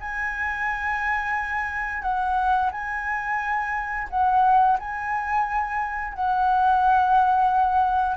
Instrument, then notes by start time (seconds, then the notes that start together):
flute
0.00 G#5
2.02 F#5
2.72 G#5
4.10 F#5
4.79 G#5
6.14 F#5